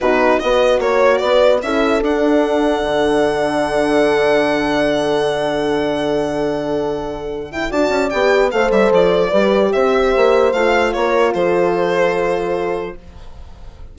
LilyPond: <<
  \new Staff \with { instrumentName = "violin" } { \time 4/4 \tempo 4 = 148 b'4 dis''4 cis''4 d''4 | e''4 fis''2.~ | fis''1~ | fis''1~ |
fis''2~ fis''8 g''8 a''4 | g''4 f''8 e''8 d''2 | e''2 f''4 cis''4 | c''1 | }
  \new Staff \with { instrumentName = "horn" } { \time 4/4 fis'4 b'4 cis''4 b'4 | a'1~ | a'1~ | a'1~ |
a'2. d''4~ | d''4 c''2 b'4 | c''2. ais'4 | a'1 | }
  \new Staff \with { instrumentName = "horn" } { \time 4/4 dis'4 fis'2. | e'4 d'2.~ | d'1~ | d'1~ |
d'2~ d'8 e'8 fis'4 | g'4 a'2 g'4~ | g'2 f'2~ | f'1 | }
  \new Staff \with { instrumentName = "bassoon" } { \time 4/4 b,4 b4 ais4 b4 | cis'4 d'2 d4~ | d1~ | d1~ |
d2. d'8 cis'8 | b4 a8 g8 f4 g4 | c'4 ais4 a4 ais4 | f1 | }
>>